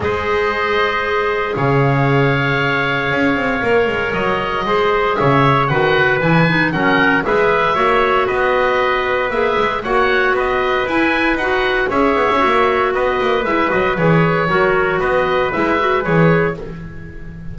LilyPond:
<<
  \new Staff \with { instrumentName = "oboe" } { \time 4/4 \tempo 4 = 116 dis''2. f''4~ | f''1 | dis''2 e''4 fis''4 | gis''4 fis''4 e''2 |
dis''2 e''4 fis''4 | dis''4 gis''4 fis''4 e''4~ | e''4 dis''4 e''8 dis''8 cis''4~ | cis''4 dis''4 e''4 cis''4 | }
  \new Staff \with { instrumentName = "trumpet" } { \time 4/4 c''2. cis''4~ | cis''1~ | cis''4 c''4 cis''4 b'4~ | b'4 ais'4 b'4 cis''4 |
b'2. cis''4 | b'2. cis''4~ | cis''4 b'2. | ais'4 b'2. | }
  \new Staff \with { instrumentName = "clarinet" } { \time 4/4 gis'1~ | gis'2. ais'4~ | ais'4 gis'2 fis'4 | e'8 dis'8 cis'4 gis'4 fis'4~ |
fis'2 gis'4 fis'4~ | fis'4 e'4 fis'4 gis'4 | fis'2 e'8 fis'8 gis'4 | fis'2 e'8 fis'8 gis'4 | }
  \new Staff \with { instrumentName = "double bass" } { \time 4/4 gis2. cis4~ | cis2 cis'8 c'8 ais8 gis8 | fis4 gis4 cis4 dis4 | e4 fis4 gis4 ais4 |
b2 ais8 gis8 ais4 | b4 e'4 dis'4 cis'8 b16 cis'16 | ais4 b8 ais8 gis8 fis8 e4 | fis4 b4 gis4 e4 | }
>>